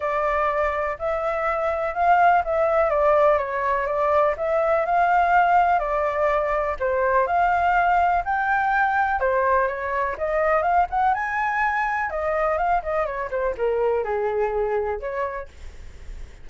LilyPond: \new Staff \with { instrumentName = "flute" } { \time 4/4 \tempo 4 = 124 d''2 e''2 | f''4 e''4 d''4 cis''4 | d''4 e''4 f''2 | d''2 c''4 f''4~ |
f''4 g''2 c''4 | cis''4 dis''4 f''8 fis''8 gis''4~ | gis''4 dis''4 f''8 dis''8 cis''8 c''8 | ais'4 gis'2 cis''4 | }